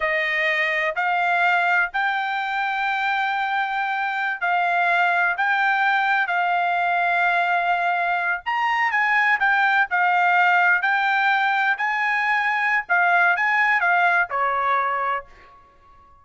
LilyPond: \new Staff \with { instrumentName = "trumpet" } { \time 4/4 \tempo 4 = 126 dis''2 f''2 | g''1~ | g''4~ g''16 f''2 g''8.~ | g''4~ g''16 f''2~ f''8.~ |
f''4.~ f''16 ais''4 gis''4 g''16~ | g''8. f''2 g''4~ g''16~ | g''8. gis''2~ gis''16 f''4 | gis''4 f''4 cis''2 | }